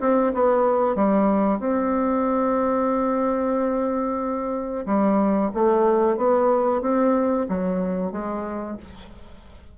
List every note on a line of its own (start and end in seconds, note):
0.00 0.33 C4
0.33 0.95 B3
0.95 1.59 G3
1.59 4.85 C4
4.86 5.51 G3
5.54 6.17 A3
6.17 6.81 B3
6.81 7.46 C4
7.48 8.11 F#3
8.11 8.77 G#3